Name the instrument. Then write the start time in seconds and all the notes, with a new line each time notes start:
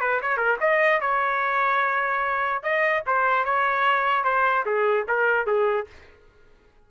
trumpet
0.00 B4
0.21 C#5
0.37 A#4
0.60 D#5
1.00 C#5
2.62 D#5
3.06 C5
3.44 C#5
4.24 C5
4.65 G#4
5.08 A#4
5.46 G#4